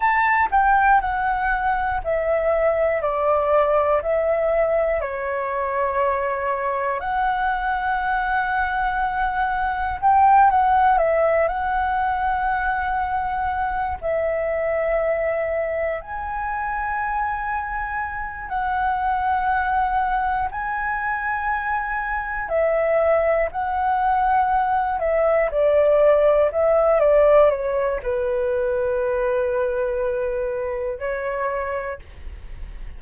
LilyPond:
\new Staff \with { instrumentName = "flute" } { \time 4/4 \tempo 4 = 60 a''8 g''8 fis''4 e''4 d''4 | e''4 cis''2 fis''4~ | fis''2 g''8 fis''8 e''8 fis''8~ | fis''2 e''2 |
gis''2~ gis''8 fis''4.~ | fis''8 gis''2 e''4 fis''8~ | fis''4 e''8 d''4 e''8 d''8 cis''8 | b'2. cis''4 | }